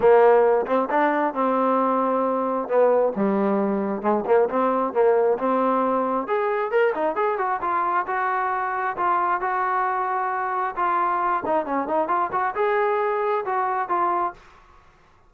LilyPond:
\new Staff \with { instrumentName = "trombone" } { \time 4/4 \tempo 4 = 134 ais4. c'8 d'4 c'4~ | c'2 b4 g4~ | g4 gis8 ais8 c'4 ais4 | c'2 gis'4 ais'8 dis'8 |
gis'8 fis'8 f'4 fis'2 | f'4 fis'2. | f'4. dis'8 cis'8 dis'8 f'8 fis'8 | gis'2 fis'4 f'4 | }